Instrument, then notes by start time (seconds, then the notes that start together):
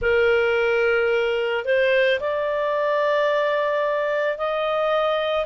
clarinet
0.01 A#4
1.65 C5
2.20 D5
4.37 D#5